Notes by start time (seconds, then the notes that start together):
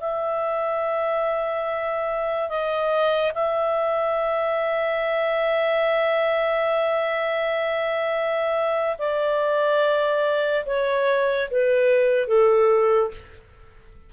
0.00 E5
2.48 D#5
3.34 E5
8.98 D5
10.66 C#5
11.50 B4
12.27 A4